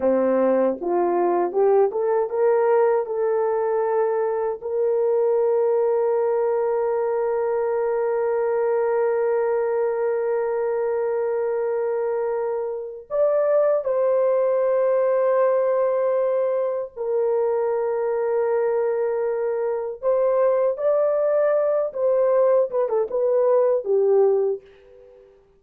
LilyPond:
\new Staff \with { instrumentName = "horn" } { \time 4/4 \tempo 4 = 78 c'4 f'4 g'8 a'8 ais'4 | a'2 ais'2~ | ais'1~ | ais'1~ |
ais'4 d''4 c''2~ | c''2 ais'2~ | ais'2 c''4 d''4~ | d''8 c''4 b'16 a'16 b'4 g'4 | }